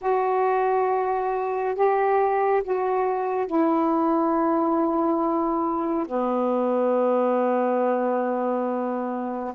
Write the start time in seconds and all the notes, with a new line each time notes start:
0.01 F#4
1.75 G4
2.63 F#4
3.47 E4
6.06 B3